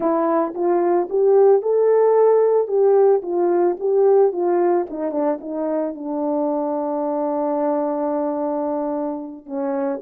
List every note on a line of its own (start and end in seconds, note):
0.00 0.54 E4
0.54 1.08 F4
1.09 1.62 G4
1.62 2.67 A4
2.67 3.21 G4
3.22 3.76 F4
3.79 4.32 G4
4.32 4.86 F4
4.89 5.11 D#4
5.11 5.38 D4
5.41 5.95 D#4
5.95 9.45 D4
9.45 10.00 C#4